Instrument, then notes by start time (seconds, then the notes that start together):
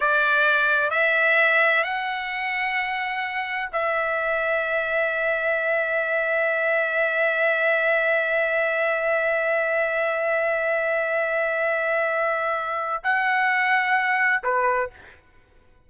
trumpet
0.00 D5
0.90 E5
1.83 F#5
3.72 E5
13.03 F#5
14.43 B4